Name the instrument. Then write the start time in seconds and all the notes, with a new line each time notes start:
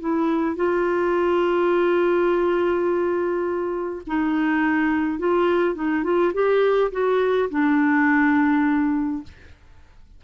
clarinet
0.00 E4
0.56 F4
4.07 D#4
5.19 F4
5.75 D#4
6.04 F4
6.34 G4
6.92 F#4
7.50 D4